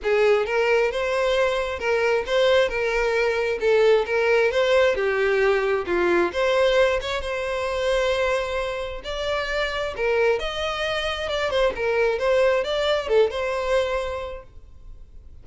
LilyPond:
\new Staff \with { instrumentName = "violin" } { \time 4/4 \tempo 4 = 133 gis'4 ais'4 c''2 | ais'4 c''4 ais'2 | a'4 ais'4 c''4 g'4~ | g'4 f'4 c''4. cis''8 |
c''1 | d''2 ais'4 dis''4~ | dis''4 d''8 c''8 ais'4 c''4 | d''4 a'8 c''2~ c''8 | }